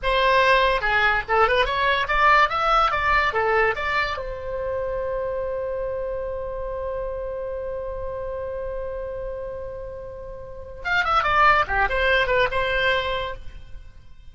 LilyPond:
\new Staff \with { instrumentName = "oboe" } { \time 4/4 \tempo 4 = 144 c''2 gis'4 a'8 b'8 | cis''4 d''4 e''4 d''4 | a'4 d''4 c''2~ | c''1~ |
c''1~ | c''1~ | c''2 f''8 e''8 d''4 | g'8 c''4 b'8 c''2 | }